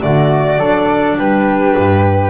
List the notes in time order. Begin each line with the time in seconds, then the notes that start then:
0.00 D3 A3 F#4 D5
0.57 F#3 D4 A4
1.17 G3 G4 B4
1.77 G2